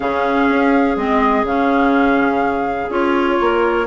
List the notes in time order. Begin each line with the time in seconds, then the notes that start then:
0.00 C#3 C#4 G#4 F5
0.48 C#4
0.96 G#3 C4 D#5
1.43 C#3 C#4 F5
2.89 C#4 F4 C#5
3.40 A#3 A#4